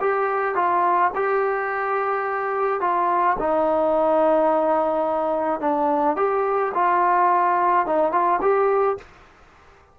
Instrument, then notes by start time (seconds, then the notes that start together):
trombone
0.00 G4
0.55 F4
1.15 G4
2.81 F4
3.39 D#4
5.60 D4
6.16 G4
6.74 F4
7.86 D#4
8.12 F4
8.41 G4